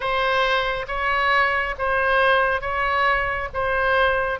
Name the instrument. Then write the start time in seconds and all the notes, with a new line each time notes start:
oboe
0.00 C5
0.87 C#5
1.78 C5
2.61 C#5
3.53 C5